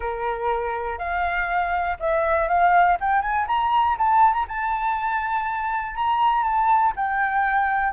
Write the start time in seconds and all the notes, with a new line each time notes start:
0.00 A#4
0.98 F5
1.99 E5
2.47 F5
3.00 G5
3.21 G#5
3.47 A#5
3.97 A5
4.33 A#5
4.48 A5
5.95 A#5
6.43 A5
6.96 G5